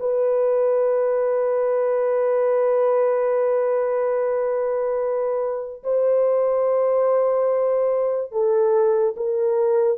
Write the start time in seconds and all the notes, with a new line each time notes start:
0.00 B4
5.84 C5
8.32 A4
9.17 A#4